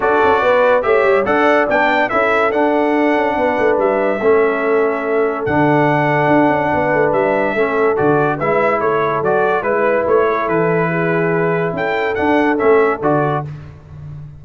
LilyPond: <<
  \new Staff \with { instrumentName = "trumpet" } { \time 4/4 \tempo 4 = 143 d''2 e''4 fis''4 | g''4 e''4 fis''2~ | fis''4 e''2.~ | e''4 fis''2.~ |
fis''4 e''2 d''4 | e''4 cis''4 d''4 b'4 | cis''4 b'2. | g''4 fis''4 e''4 d''4 | }
  \new Staff \with { instrumentName = "horn" } { \time 4/4 a'4 b'4 cis''4 d''4~ | d''4 a'2. | b'2 a'2~ | a'1 |
b'2 a'2 | b'4 a'2 b'4~ | b'8 a'4. gis'2 | a'1 | }
  \new Staff \with { instrumentName = "trombone" } { \time 4/4 fis'2 g'4 a'4 | d'4 e'4 d'2~ | d'2 cis'2~ | cis'4 d'2.~ |
d'2 cis'4 fis'4 | e'2 fis'4 e'4~ | e'1~ | e'4 d'4 cis'4 fis'4 | }
  \new Staff \with { instrumentName = "tuba" } { \time 4/4 d'8 cis'8 b4 a8 g8 d'4 | b4 cis'4 d'4. cis'8 | b8 a8 g4 a2~ | a4 d2 d'8 cis'8 |
b8 a8 g4 a4 d4 | gis4 a4 fis4 gis4 | a4 e2. | cis'4 d'4 a4 d4 | }
>>